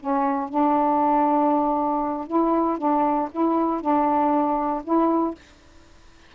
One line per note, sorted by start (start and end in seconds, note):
0.00 0.49 C#4
0.49 2.27 D4
2.27 2.78 E4
2.78 3.29 D4
3.31 3.81 E4
3.81 4.83 D4
4.84 5.35 E4